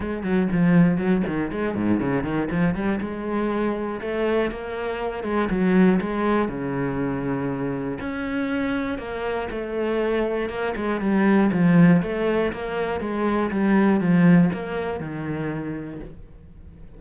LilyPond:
\new Staff \with { instrumentName = "cello" } { \time 4/4 \tempo 4 = 120 gis8 fis8 f4 fis8 dis8 gis8 gis,8 | cis8 dis8 f8 g8 gis2 | a4 ais4. gis8 fis4 | gis4 cis2. |
cis'2 ais4 a4~ | a4 ais8 gis8 g4 f4 | a4 ais4 gis4 g4 | f4 ais4 dis2 | }